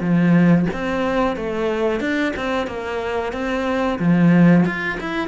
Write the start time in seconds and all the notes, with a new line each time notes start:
0.00 F3
0.73 C4
1.36 A3
2.00 D4
2.36 C4
2.67 A#3
3.33 C4
3.99 F3
4.66 F4
5.00 E4